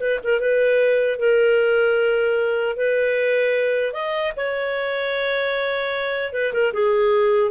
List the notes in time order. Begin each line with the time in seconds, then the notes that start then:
0.00 B4
0.24 A#4
0.40 B4
1.19 A#4
2.76 B4
3.93 D#5
4.37 C#5
6.33 B4
6.53 A#4
6.73 G#4